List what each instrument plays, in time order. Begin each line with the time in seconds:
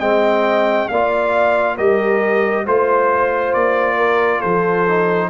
0.00 tuba G#3, trombone C4, horn D#5, trumpet G5
0.88 tuba A#3, trombone F4, horn D5, trumpet F5
1.76 tuba G3, trombone G4, horn A#4, trumpet D#5
2.65 tuba A3, trombone F4, horn C5, trumpet C5
3.54 tuba A#3, trumpet D5
3.97 horn A#4
4.39 tuba F3, horn A4, trumpet C5
4.88 trombone D#4